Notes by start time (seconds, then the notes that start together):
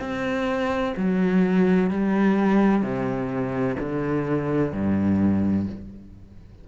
0.00 C4
0.97 F#3
1.90 G3
2.83 C3
3.79 D3
4.73 G2